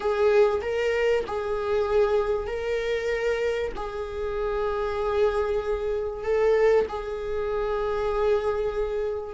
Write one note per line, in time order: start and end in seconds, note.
0.00 0.60 G#4
0.61 1.24 A#4
1.27 2.47 G#4
2.47 3.72 A#4
3.76 6.23 G#4
6.23 6.86 A4
6.88 9.34 G#4